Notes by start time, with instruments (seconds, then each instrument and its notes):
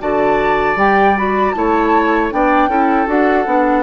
0.00 bassoon D3, clarinet F#4, oboe D5, flute A5
0.76 bassoon G3, clarinet G4, flute G5
1.17 clarinet F#4, flute B5
1.50 bassoon A3, clarinet E4, flute A5
1.57 oboe C#5
2.31 bassoon B3, clarinet D4, oboe D5, flute G5
2.67 bassoon C#4, clarinet E4, oboe A4
3.06 bassoon D4, clarinet F#4, flute F#5
3.46 bassoon B3, clarinet D4